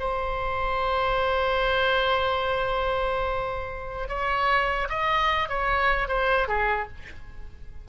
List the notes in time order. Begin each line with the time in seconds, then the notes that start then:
0.00 C5
4.09 C#5
4.90 D#5
5.49 C#5
6.09 C5
6.48 G#4